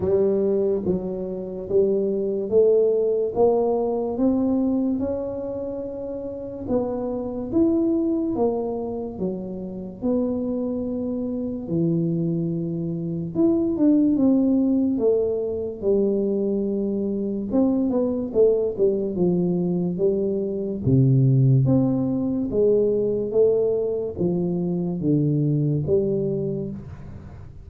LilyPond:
\new Staff \with { instrumentName = "tuba" } { \time 4/4 \tempo 4 = 72 g4 fis4 g4 a4 | ais4 c'4 cis'2 | b4 e'4 ais4 fis4 | b2 e2 |
e'8 d'8 c'4 a4 g4~ | g4 c'8 b8 a8 g8 f4 | g4 c4 c'4 gis4 | a4 f4 d4 g4 | }